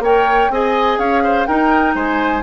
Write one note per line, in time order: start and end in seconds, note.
0.00 0.48 A#3
0.00 0.51 A#4
0.00 0.51 C#5
0.00 0.52 G5
0.50 0.98 C4
0.50 1.48 G#4
0.50 0.99 D#5
0.50 0.99 G#5
0.98 1.46 C#4
0.98 1.23 C#5
0.98 1.46 F5
1.24 1.48 C5
1.46 2.43 D#4
1.46 1.95 D#4
1.46 1.95 A#4
1.46 1.94 G5
1.95 2.43 G#3
1.95 2.43 C5
1.95 2.43 G#5